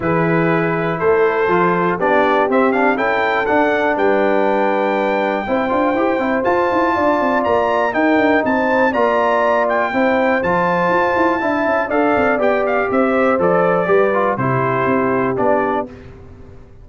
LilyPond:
<<
  \new Staff \with { instrumentName = "trumpet" } { \time 4/4 \tempo 4 = 121 b'2 c''2 | d''4 e''8 f''8 g''4 fis''4 | g''1~ | g''4 a''2 ais''4 |
g''4 a''4 ais''4. g''8~ | g''4 a''2. | f''4 g''8 f''8 e''4 d''4~ | d''4 c''2 d''4 | }
  \new Staff \with { instrumentName = "horn" } { \time 4/4 gis'2 a'2 | g'2 a'2 | b'2. c''4~ | c''2 d''2 |
ais'4 c''4 d''2 | c''2. e''4 | d''2 c''2 | b'4 g'2. | }
  \new Staff \with { instrumentName = "trombone" } { \time 4/4 e'2. f'4 | d'4 c'8 d'8 e'4 d'4~ | d'2. e'8 f'8 | g'8 e'8 f'2. |
dis'2 f'2 | e'4 f'2 e'4 | a'4 g'2 a'4 | g'8 f'8 e'2 d'4 | }
  \new Staff \with { instrumentName = "tuba" } { \time 4/4 e2 a4 f4 | b4 c'4 cis'4 d'4 | g2. c'8 d'8 | e'8 c'8 f'8 e'8 d'8 c'8 ais4 |
dis'8 d'8 c'4 ais2 | c'4 f4 f'8 e'8 d'8 cis'8 | d'8 c'8 b4 c'4 f4 | g4 c4 c'4 b4 | }
>>